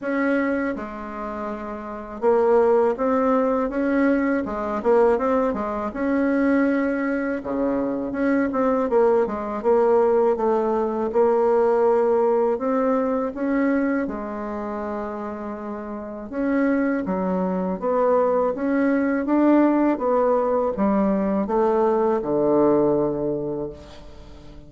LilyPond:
\new Staff \with { instrumentName = "bassoon" } { \time 4/4 \tempo 4 = 81 cis'4 gis2 ais4 | c'4 cis'4 gis8 ais8 c'8 gis8 | cis'2 cis4 cis'8 c'8 | ais8 gis8 ais4 a4 ais4~ |
ais4 c'4 cis'4 gis4~ | gis2 cis'4 fis4 | b4 cis'4 d'4 b4 | g4 a4 d2 | }